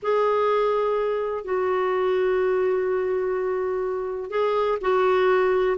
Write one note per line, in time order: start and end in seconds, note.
0.02 1.44 G#4
1.44 4.30 F#4
4.30 4.78 G#4
4.81 5.77 F#4